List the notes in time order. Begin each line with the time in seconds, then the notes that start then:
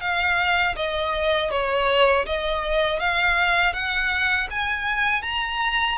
0.00 F5
0.76 D#5
1.50 C#5
2.26 D#5
2.99 F5
3.73 F#5
4.50 G#5
5.22 A#5